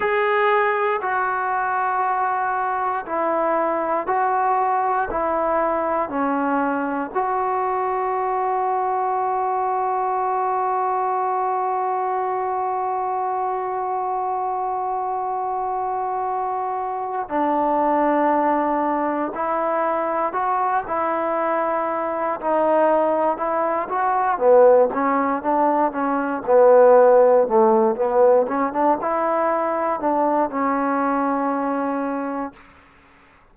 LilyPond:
\new Staff \with { instrumentName = "trombone" } { \time 4/4 \tempo 4 = 59 gis'4 fis'2 e'4 | fis'4 e'4 cis'4 fis'4~ | fis'1~ | fis'1~ |
fis'4 d'2 e'4 | fis'8 e'4. dis'4 e'8 fis'8 | b8 cis'8 d'8 cis'8 b4 a8 b8 | cis'16 d'16 e'4 d'8 cis'2 | }